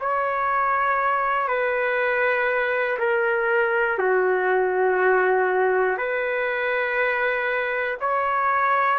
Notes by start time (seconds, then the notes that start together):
0.00 C#5
1.48 B4
2.99 A#4
3.98 F#4
5.97 B4
8.00 C#5